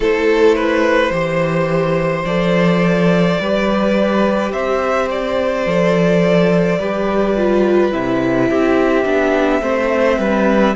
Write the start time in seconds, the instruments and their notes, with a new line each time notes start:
0.00 cello A3, viola E4, violin A4 C5
0.55 violin B4
1.10 cello E3, viola G4, violin C5
2.25 cello F3, viola A4, violin D5
3.40 cello G3, viola G4, violin B4
4.52 cello C4, violin C5 E5
5.10 violin D5
5.66 cello F3, viola A4
6.79 cello G3, viola G4, violin B4
7.36 viola F4
7.92 cello C3, viola E4, violin E5
8.49 cello C4, violin G4
9.04 cello B3, viola D4
9.61 cello A3, viola C4, violin C5
10.18 cello G3, violin B4